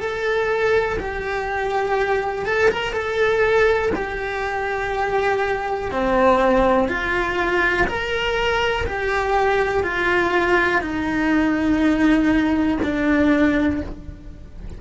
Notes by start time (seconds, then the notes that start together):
0.00 A4
0.99 G4
2.45 A4
2.70 A#4
2.93 A4
3.95 G4
5.91 C4
6.89 F4
7.87 A#4
8.87 G4
9.83 F4
10.81 D#4
12.83 D4